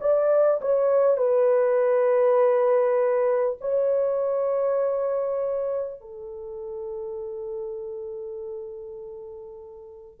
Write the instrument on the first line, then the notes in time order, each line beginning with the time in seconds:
horn
0.00 D5
0.61 C#5
1.17 B4
3.60 C#5
6.00 A4